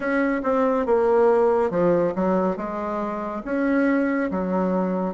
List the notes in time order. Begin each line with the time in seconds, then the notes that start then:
0.00 C#4
0.43 C4
0.86 A#3
1.70 F3
2.15 F#3
2.56 G#3
3.44 C#4
4.31 F#3